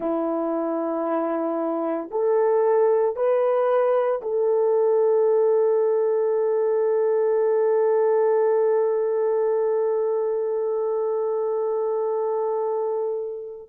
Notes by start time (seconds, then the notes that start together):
0.00 E4
2.11 A4
3.16 B4
4.22 A4